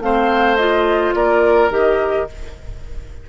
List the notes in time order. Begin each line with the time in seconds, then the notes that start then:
0.00 A3 C4 C5 F5
0.57 F4 D#5
1.14 A#3 A#4 D5
1.70 D#3 G4 D#5